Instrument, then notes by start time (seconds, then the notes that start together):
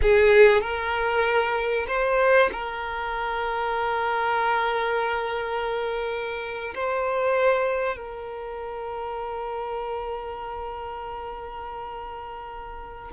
violin
0.02 G#4
0.61 A#4
1.87 C5
2.52 A#4
6.74 C5
7.96 A#4